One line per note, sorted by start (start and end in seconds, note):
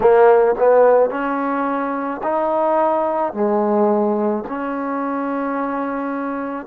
0.00 0.55 A#3
0.58 1.10 B3
1.10 2.21 C#4
2.23 3.33 D#4
3.33 4.44 G#3
4.48 6.66 C#4